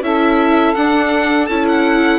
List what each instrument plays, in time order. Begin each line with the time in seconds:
0.00 bassoon C#4, viola E4, saxophone A4, violin E5
0.75 viola D4, bassoon D4, violin F#5
1.47 bassoon C#4, viola E4, violin A5
1.68 violin F#5